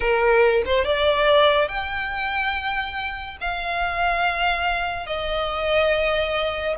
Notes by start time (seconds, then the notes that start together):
0.00 A#4
0.65 C5
0.84 D5
1.68 G5
3.40 F5
5.06 D#5